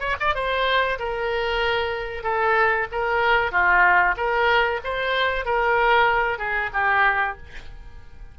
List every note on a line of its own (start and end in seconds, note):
0.00 0.16 C#5
0.20 0.35 D5
0.35 0.99 C5
0.99 2.23 A#4
2.23 2.87 A4
2.92 3.51 A#4
3.51 4.15 F4
4.17 4.80 A#4
4.84 5.45 C5
5.45 6.38 A#4
6.38 6.70 G#4
6.73 7.37 G4